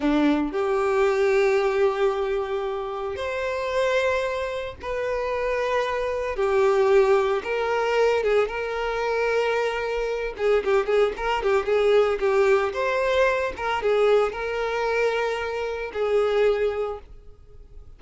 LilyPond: \new Staff \with { instrumentName = "violin" } { \time 4/4 \tempo 4 = 113 d'4 g'2.~ | g'2 c''2~ | c''4 b'2. | g'2 ais'4. gis'8 |
ais'2.~ ais'8 gis'8 | g'8 gis'8 ais'8 g'8 gis'4 g'4 | c''4. ais'8 gis'4 ais'4~ | ais'2 gis'2 | }